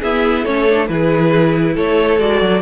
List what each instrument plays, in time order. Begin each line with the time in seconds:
0.00 viola B3, cello E4, violin G#4 E5
0.43 cello A3, viola C#4, violin A4 C#5
0.69 viola D4
0.87 cello E3, viola E4, violin G#4 B4
1.74 cello A3, violin A4 C#5
2.19 cello G#3, viola F#4, violin D5
2.41 cello F#3